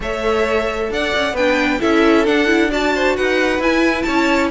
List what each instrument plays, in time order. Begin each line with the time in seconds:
0.00 cello A3, viola A4, violin C#5 E5
0.90 cello D4, violin D5 F#5
1.14 cello C#4
1.33 cello B3, viola D4, violin B4 G5
1.80 cello C#4, viola E4, violin A4 E5
2.25 viola D4, cello D4, violin F#5
2.46 viola E4
2.69 viola F#4, violin D5 A5
2.95 violin C5
3.16 cello D#4, violin B4 F#5
3.59 cello E4, viola E4, violin G#5
4.02 cello C#4, violin C#5 A5